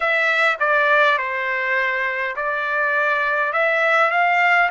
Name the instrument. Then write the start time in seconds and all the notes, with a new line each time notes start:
trumpet
0.00 E5
0.59 D5
1.18 C5
2.35 D5
3.52 E5
4.11 F5